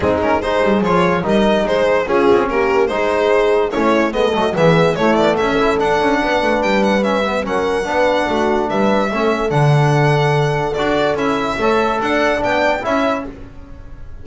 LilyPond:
<<
  \new Staff \with { instrumentName = "violin" } { \time 4/4 \tempo 4 = 145 gis'8 ais'8 c''4 cis''4 dis''4 | c''4 gis'4 ais'4 c''4~ | c''4 cis''4 dis''4 e''4 | cis''8 d''8 e''4 fis''2 |
g''8 fis''8 e''4 fis''2~ | fis''4 e''2 fis''4~ | fis''2 d''4 e''4~ | e''4 fis''4 g''4 e''4 | }
  \new Staff \with { instrumentName = "horn" } { \time 4/4 dis'4 gis'2 ais'4 | gis'4 f'4 g'4 gis'4~ | gis'4 e'4 a'4 gis'4 | e'4 a'2 b'4~ |
b'2 ais'4 b'4 | fis'4 b'4 a'2~ | a'1 | cis''4 d''2 cis''4 | }
  \new Staff \with { instrumentName = "trombone" } { \time 4/4 c'8 cis'8 dis'4 f'4 dis'4~ | dis'4 cis'2 dis'4~ | dis'4 cis'4 b8 a8 b4 | a4. e'8 d'2~ |
d'4 cis'8 b8 cis'4 d'4~ | d'2 cis'4 d'4~ | d'2 fis'4 e'4 | a'2 d'4 e'4 | }
  \new Staff \with { instrumentName = "double bass" } { \time 4/4 gis4. g8 f4 g4 | gis4 cis'8 c'8 ais4 gis4~ | gis4 a4 gis8 fis8 e4 | a8 b8 cis'4 d'8 cis'8 b8 a8 |
g2 fis4 b4 | a4 g4 a4 d4~ | d2 d'4 cis'4 | a4 d'4 b4 cis'4 | }
>>